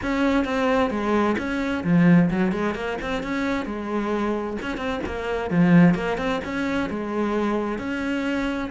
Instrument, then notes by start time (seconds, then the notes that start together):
cello
0.02 C#4
0.45 C4
0.90 G#3
1.38 C#4
1.84 F3
2.30 F#3
2.52 G#3
2.74 A#3
3.01 C4
3.22 C#4
3.65 G#3
4.62 C#4
4.77 C4
5.05 A#3
5.50 F3
5.94 A#3
6.17 C4
6.44 C#4
6.89 G#3
7.78 C#4